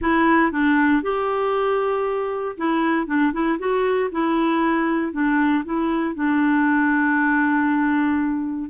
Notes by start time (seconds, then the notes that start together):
0.01 E4
0.51 D4
1.02 G4
2.57 E4
3.06 D4
3.32 E4
3.58 F#4
4.11 E4
5.12 D4
5.64 E4
6.14 D4